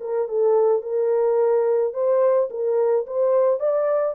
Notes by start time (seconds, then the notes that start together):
0.00 A#4
0.28 A4
0.82 A#4
1.93 C5
2.50 A#4
3.06 C5
3.60 D5